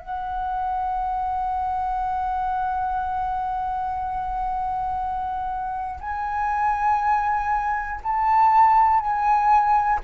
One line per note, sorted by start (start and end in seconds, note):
0.00 6.00 F#5
6.01 8.01 G#5
8.03 9.00 A5
9.00 10.00 G#5